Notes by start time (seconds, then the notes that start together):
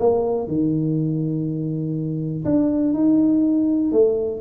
0.00 A#3
0.48 D#3
2.45 D4
2.94 D#4
3.92 A3